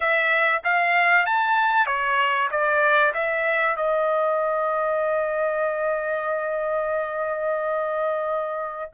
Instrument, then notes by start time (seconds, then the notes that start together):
trumpet
0.00 E5
0.64 F5
1.26 A5
1.86 C#5
2.50 D5
3.14 E5
3.76 D#5